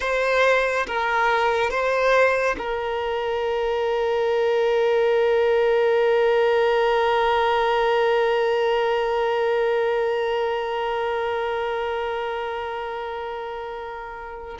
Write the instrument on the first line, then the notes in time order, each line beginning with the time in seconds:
violin
0.00 C5
0.86 A#4
1.70 C5
2.58 A#4